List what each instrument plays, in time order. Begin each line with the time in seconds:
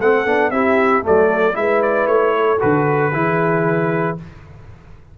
0.00 tuba A3, trombone C4, horn A4, trumpet F#5
0.25 tuba B3, trombone D4
0.51 tuba C4, trombone E4, horn G4, trumpet E5
1.02 tuba F#3, trombone A3, horn A4, trumpet D5
1.53 tuba G#3, trombone E4, horn B4, trumpet E5
1.82 trumpet D5
2.07 tuba A3, trumpet C#5
2.36 horn A4
2.60 tuba D3, trombone F#4, trumpet B4
3.13 tuba E3, trombone E4, horn G#4